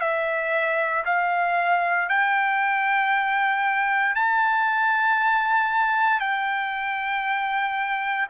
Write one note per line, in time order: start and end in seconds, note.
0.00 1.03 E5
1.05 2.08 F5
2.08 4.15 G5
4.15 6.19 A5
6.19 8.26 G5